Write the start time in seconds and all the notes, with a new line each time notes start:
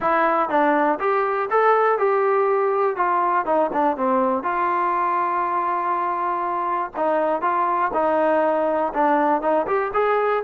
0.00 E4
0.49 D4
0.99 G4
1.50 A4
1.98 G4
2.96 F4
3.45 D#4
3.72 D4
3.96 C4
4.43 F4
6.96 D#4
7.41 F4
7.93 D#4
8.93 D4
9.41 D#4
9.66 G4
9.93 G#4